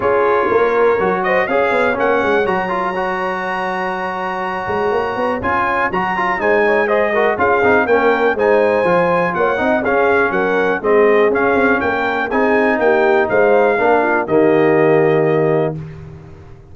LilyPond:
<<
  \new Staff \with { instrumentName = "trumpet" } { \time 4/4 \tempo 4 = 122 cis''2~ cis''8 dis''8 f''4 | fis''4 ais''2.~ | ais''2. gis''4 | ais''4 gis''4 dis''4 f''4 |
g''4 gis''2 fis''4 | f''4 fis''4 dis''4 f''4 | g''4 gis''4 g''4 f''4~ | f''4 dis''2. | }
  \new Staff \with { instrumentName = "horn" } { \time 4/4 gis'4 ais'4. c''8 cis''4~ | cis''1~ | cis''1~ | cis''4 c''8 cis''8 c''8 ais'8 gis'4 |
ais'4 c''2 cis''8 dis''8 | gis'4 ais'4 gis'2 | ais'4 gis'4 g'4 c''4 | ais'8 f'8 g'2. | }
  \new Staff \with { instrumentName = "trombone" } { \time 4/4 f'2 fis'4 gis'4 | cis'4 fis'8 f'8 fis'2~ | fis'2. f'4 | fis'8 f'8 dis'4 gis'8 fis'8 f'8 dis'8 |
cis'4 dis'4 f'4. dis'8 | cis'2 c'4 cis'4~ | cis'4 dis'2. | d'4 ais2. | }
  \new Staff \with { instrumentName = "tuba" } { \time 4/4 cis'4 ais4 fis4 cis'8 b8 | ais8 gis8 fis2.~ | fis4. gis8 ais8 b8 cis'4 | fis4 gis2 cis'8 c'8 |
ais4 gis4 f4 ais8 c'8 | cis'4 fis4 gis4 cis'8 c'8 | ais4 c'4 ais4 gis4 | ais4 dis2. | }
>>